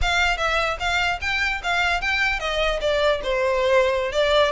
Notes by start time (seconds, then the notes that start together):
0.01 F5
0.37 E5
0.79 F5
1.21 G5
1.63 F5
2.01 G5
2.39 D#5
2.80 D5
3.23 C5
4.12 D5